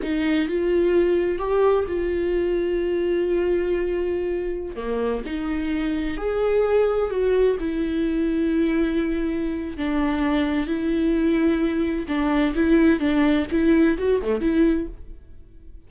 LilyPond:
\new Staff \with { instrumentName = "viola" } { \time 4/4 \tempo 4 = 129 dis'4 f'2 g'4 | f'1~ | f'2~ f'16 ais4 dis'8.~ | dis'4~ dis'16 gis'2 fis'8.~ |
fis'16 e'2.~ e'8.~ | e'4 d'2 e'4~ | e'2 d'4 e'4 | d'4 e'4 fis'8 a8 e'4 | }